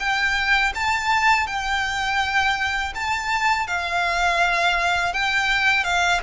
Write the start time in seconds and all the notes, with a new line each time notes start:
0.00 G5
0.75 A5
1.47 G5
2.95 A5
3.68 F5
5.13 G5
5.84 F5